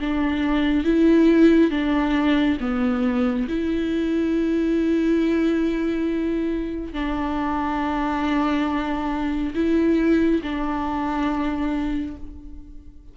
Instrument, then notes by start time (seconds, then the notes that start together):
viola
0.00 D4
0.84 E4
1.71 D4
2.60 B3
3.49 E4
6.93 D4
9.55 E4
10.43 D4